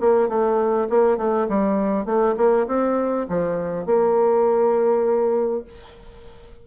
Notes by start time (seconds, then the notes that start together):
0.00 A#3
0.28 A3
0.89 A#3
1.17 A3
1.49 G3
2.05 A3
2.37 A#3
2.67 C4
3.29 F3
3.86 A#3